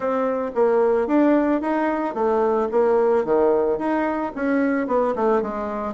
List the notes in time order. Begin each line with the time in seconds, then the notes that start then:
0.00 C4
0.54 A#3
1.07 D4
1.61 D#4
2.14 A3
2.71 A#3
3.24 D#3
3.78 D#4
4.35 C#4
4.87 B3
5.15 A3
5.42 G#3